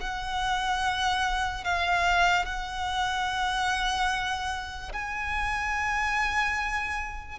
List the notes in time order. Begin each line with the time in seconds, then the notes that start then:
0.00 F#5
1.64 F5
2.45 F#5
4.92 G#5